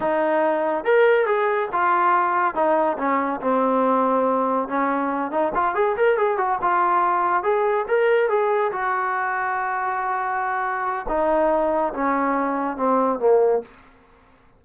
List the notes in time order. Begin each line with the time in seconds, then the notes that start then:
0.00 D#4
0.84 A#4
1.26 G#4
1.72 F4
2.54 D#4
2.98 C#4
3.40 C4
4.68 C#4
5.31 D#4
5.54 F4
5.74 G#4
5.97 A#4
6.17 G#4
6.37 F#4
6.61 F4
7.43 G#4
7.87 A#4
8.29 G#4
8.71 F#4
11.08 D#4
11.93 C#4
12.77 C4
13.19 A#3